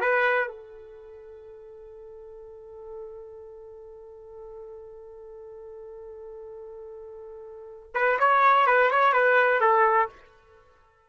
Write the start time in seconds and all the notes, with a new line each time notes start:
0.00 B4
0.48 A4
7.94 B4
8.19 C#5
8.66 B4
8.90 C#5
9.13 B4
9.60 A4